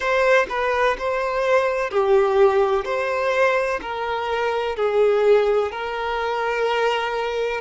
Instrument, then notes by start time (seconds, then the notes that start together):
violin
0.00 C5
0.48 B4
0.98 C5
1.90 G4
2.84 C5
3.81 A#4
4.76 G#4
5.71 A#4